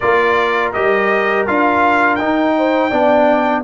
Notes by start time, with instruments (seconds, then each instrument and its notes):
0.00 tuba A#3, trombone F4, horn A#4, trumpet D5
0.72 tuba G3, trombone G4, trumpet D#5
1.47 tuba D4, trombone F4, trumpet F5
2.15 tuba D#4, trombone D#4, trumpet G5
2.57 horn C5
2.90 tuba B3, trombone D4, horn D5